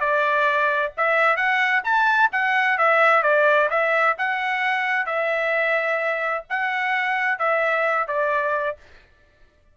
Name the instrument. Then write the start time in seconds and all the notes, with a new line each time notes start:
trumpet
0.00 D5
0.97 E5
1.36 F#5
1.84 A5
2.32 F#5
2.78 E5
3.23 D5
3.70 E5
4.18 F#5
5.06 E5
6.50 F#5
7.39 E5
8.07 D5